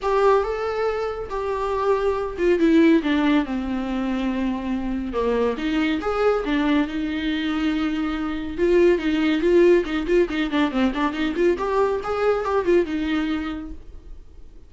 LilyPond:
\new Staff \with { instrumentName = "viola" } { \time 4/4 \tempo 4 = 140 g'4 a'2 g'4~ | g'4. f'8 e'4 d'4 | c'1 | ais4 dis'4 gis'4 d'4 |
dis'1 | f'4 dis'4 f'4 dis'8 f'8 | dis'8 d'8 c'8 d'8 dis'8 f'8 g'4 | gis'4 g'8 f'8 dis'2 | }